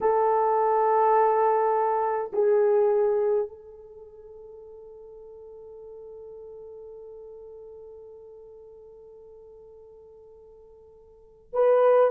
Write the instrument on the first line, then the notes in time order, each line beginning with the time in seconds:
horn
0.01 A4
2.32 G#4
3.48 A4
11.53 B4